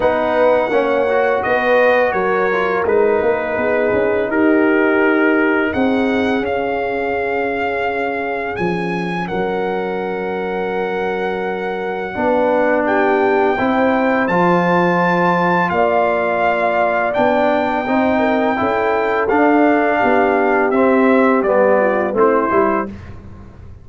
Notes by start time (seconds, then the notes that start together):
0.00 B3 D#4 B4 F#5
0.69 A#3 C#4 C#5
1.09 F#4
1.43 B3 B4 D#5
2.12 F#3 A#4 C#5
2.52 F4
2.85 G#3 D#4 B4
3.22 A#3
3.56 B3 G#4
3.93 C#4
4.27 D#4 G4 A#4
5.72 C4 G#4 F#5
6.40 C#4 F5
8.56 F3 G#5
9.27 F#3 A#4 F#5
12.14 B3 D4 B4
12.85 G4 G5
13.58 C4 E4 C5
14.27 F3 F4 A5
15.69 A#3 D5 F5
17.13 B3 D4 G5
17.86 C4 D#4 C5
18.19 A#4
18.56 C#4 E4 A4
19.28 D4 F5
19.98 B3 G4
20.70 C4 E5
21.42 G3 B3 D5
21.80 F4
22.13 A3 C4 E4 C5
22.50 G3 E4